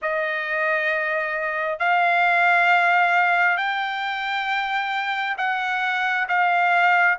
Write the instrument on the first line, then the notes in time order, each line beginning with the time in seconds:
trumpet
0.02 D#5
1.79 F5
3.57 G5
5.37 F#5
6.28 F5